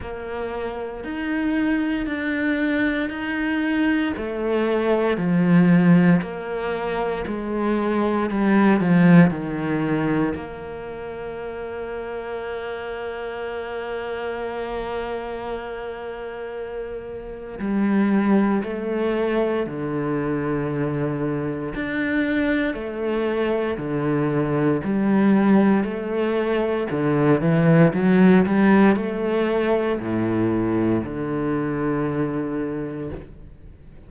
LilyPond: \new Staff \with { instrumentName = "cello" } { \time 4/4 \tempo 4 = 58 ais4 dis'4 d'4 dis'4 | a4 f4 ais4 gis4 | g8 f8 dis4 ais2~ | ais1~ |
ais4 g4 a4 d4~ | d4 d'4 a4 d4 | g4 a4 d8 e8 fis8 g8 | a4 a,4 d2 | }